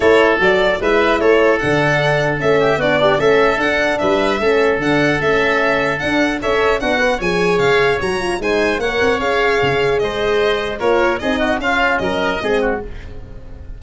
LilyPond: <<
  \new Staff \with { instrumentName = "violin" } { \time 4/4 \tempo 4 = 150 cis''4 d''4 e''4 cis''4 | fis''2 e''4 d''4 | e''4 fis''4 e''2 | fis''4 e''2 fis''4 |
e''4 fis''4 gis''4 f''4 | ais''4 gis''4 fis''4 f''4~ | f''4 dis''2 cis''4 | dis''4 f''4 dis''2 | }
  \new Staff \with { instrumentName = "oboe" } { \time 4/4 a'2 b'4 a'4~ | a'2~ a'8 g'8 fis'8 d'8 | a'2 b'4 a'4~ | a'1 |
cis''4 fis'4 cis''2~ | cis''4 c''4 cis''2~ | cis''4 c''2 ais'4 | gis'8 fis'8 f'4 ais'4 gis'8 fis'8 | }
  \new Staff \with { instrumentName = "horn" } { \time 4/4 e'4 fis'4 e'2 | d'2 cis'4 d'8 g'8 | cis'4 d'2 cis'4 | d'4 cis'2 d'4 |
a'4 d'8 b'8 gis'2 | fis'8 f'8 dis'4 ais'4 gis'4~ | gis'2. f'4 | dis'4 cis'2 c'4 | }
  \new Staff \with { instrumentName = "tuba" } { \time 4/4 a4 fis4 gis4 a4 | d2 a4 b4 | a4 d'4 g4 a4 | d4 a2 d'4 |
cis'4 b4 f4 cis4 | fis4 gis4 ais8 c'8 cis'4 | cis4 gis2 ais4 | c'4 cis'4 fis4 gis4 | }
>>